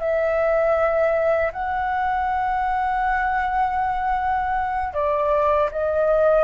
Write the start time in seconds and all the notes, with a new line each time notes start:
0.00 E5
1.53 F#5
4.94 D5
5.72 D#5